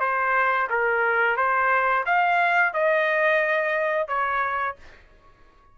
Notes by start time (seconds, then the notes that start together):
0.00 C5
0.70 A#4
1.36 C5
2.06 F5
2.73 D#5
4.08 C#5